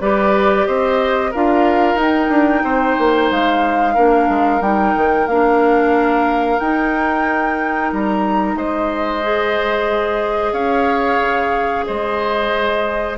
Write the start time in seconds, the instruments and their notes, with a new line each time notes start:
0.00 bassoon G3, clarinet G4, oboe B4, flute D5
0.66 bassoon C4, oboe C5, flute D#5
1.30 bassoon D4, clarinet F4, oboe A#4, flute F5
1.95 bassoon D#4, clarinet D#4, flute G5
2.29 bassoon D4
2.63 bassoon C4, oboe C5
2.98 bassoon A#3
3.30 bassoon G#3, flute F5
3.94 bassoon A#3, clarinet D4, oboe A#4
4.29 bassoon G#3
4.60 bassoon G3, clarinet D#4, flute G5
4.96 bassoon D#3
5.27 bassoon A#3, clarinet D4, flute F5
6.59 clarinet D#4, bassoon D#4, flute G5
7.92 bassoon G3, flute A#5
8.54 bassoon G#3, oboe C5, flute D#5
9.22 clarinet G#4
10.52 bassoon C#4, oboe C#5, flute F5
11.20 bassoon C#3
11.85 bassoon G#3, oboe C5, flute D#5